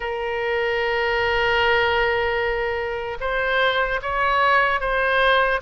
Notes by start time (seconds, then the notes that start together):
0.00 A#4
3.20 C5
4.02 C#5
4.80 C5